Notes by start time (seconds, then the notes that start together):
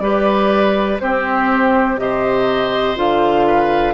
0.00 G3 G4 B4 D5
1.00 C4 G4 C5
1.98 C3 G4 C5 D#5
2.96 D3 F4 F5
3.47 B4